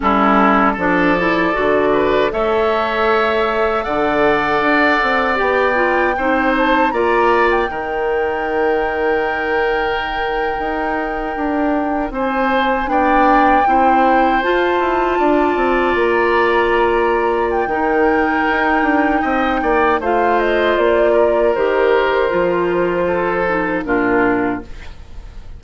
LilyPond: <<
  \new Staff \with { instrumentName = "flute" } { \time 4/4 \tempo 4 = 78 a'4 d''2 e''4~ | e''4 fis''2 g''4~ | g''8 a''8 ais''8. g''2~ g''16~ | g''2.~ g''8. gis''16~ |
gis''8. g''2 a''4~ a''16~ | a''8. ais''2 g''4~ g''16~ | g''2 f''8 dis''8 d''4 | c''2. ais'4 | }
  \new Staff \with { instrumentName = "oboe" } { \time 4/4 e'4 a'4. b'8 cis''4~ | cis''4 d''2. | c''4 d''4 ais'2~ | ais'2.~ ais'8. c''16~ |
c''8. d''4 c''2 d''16~ | d''2. ais'4~ | ais'4 dis''8 d''8 c''4. ais'8~ | ais'2 a'4 f'4 | }
  \new Staff \with { instrumentName = "clarinet" } { \time 4/4 cis'4 d'8 e'8 fis'4 a'4~ | a'2. g'8 f'8 | dis'4 f'4 dis'2~ | dis'1~ |
dis'8. d'4 e'4 f'4~ f'16~ | f'2. dis'4~ | dis'2 f'2 | g'4 f'4. dis'8 d'4 | }
  \new Staff \with { instrumentName = "bassoon" } { \time 4/4 g4 f4 d4 a4~ | a4 d4 d'8 c'8 b4 | c'4 ais4 dis2~ | dis4.~ dis16 dis'4 d'4 c'16~ |
c'8. b4 c'4 f'8 e'8 d'16~ | d'16 c'8 ais2~ ais16 dis4 | dis'8 d'8 c'8 ais8 a4 ais4 | dis4 f2 ais,4 | }
>>